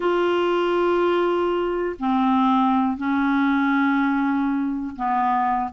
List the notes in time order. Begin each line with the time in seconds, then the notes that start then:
0.00 F4
1.99 C4
2.97 C#4
4.96 B3